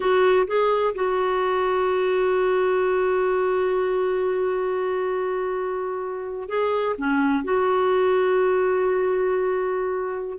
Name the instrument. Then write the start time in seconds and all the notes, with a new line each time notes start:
clarinet
0.00 F#4
0.47 G#4
0.94 F#4
6.48 G#4
6.98 C#4
7.44 F#4